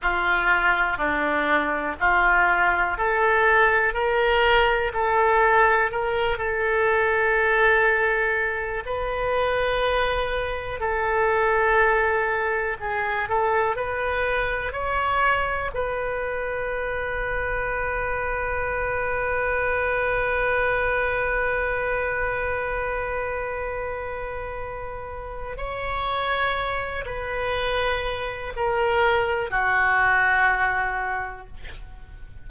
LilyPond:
\new Staff \with { instrumentName = "oboe" } { \time 4/4 \tempo 4 = 61 f'4 d'4 f'4 a'4 | ais'4 a'4 ais'8 a'4.~ | a'4 b'2 a'4~ | a'4 gis'8 a'8 b'4 cis''4 |
b'1~ | b'1~ | b'2 cis''4. b'8~ | b'4 ais'4 fis'2 | }